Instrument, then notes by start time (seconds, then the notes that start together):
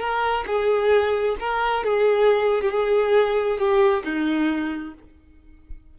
violin
0.00 A#4
0.47 G#4
1.40 A#4
1.84 G#4
2.62 G4
2.71 G#4
3.59 G4
4.04 D#4